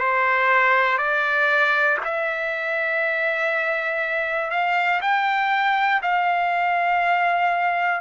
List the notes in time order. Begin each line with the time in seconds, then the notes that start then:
0.00 C5
0.98 D5
2.05 E5
4.51 F5
5.02 G5
6.03 F5